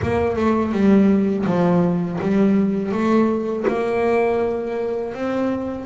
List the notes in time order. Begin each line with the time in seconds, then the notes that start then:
0.02 A#3
0.36 A3
0.72 G3
1.46 F3
2.21 G3
2.92 A3
3.67 A#3
5.14 C4